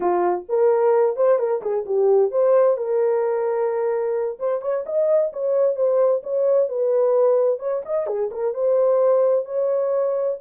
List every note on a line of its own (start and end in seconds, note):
0.00 0.45 F4
0.48 1.16 A#4
1.16 1.38 C5
1.38 1.61 A#4
1.62 1.85 G#4
1.85 2.31 G4
2.31 2.77 C5
2.77 4.38 A#4
4.39 4.61 C5
4.61 4.84 C#5
4.86 5.32 D#5
5.32 5.76 C#5
5.76 6.22 C5
6.23 6.69 C#5
6.69 7.59 B4
7.59 7.82 C#5
7.85 8.06 D#5
8.06 8.30 G#4
8.31 8.54 A#4
8.54 9.45 C5
9.45 10.37 C#5